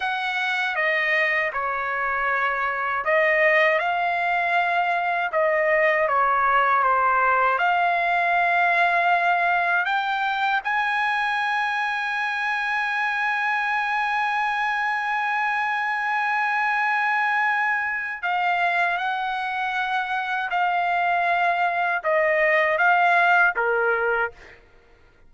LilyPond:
\new Staff \with { instrumentName = "trumpet" } { \time 4/4 \tempo 4 = 79 fis''4 dis''4 cis''2 | dis''4 f''2 dis''4 | cis''4 c''4 f''2~ | f''4 g''4 gis''2~ |
gis''1~ | gis''1 | f''4 fis''2 f''4~ | f''4 dis''4 f''4 ais'4 | }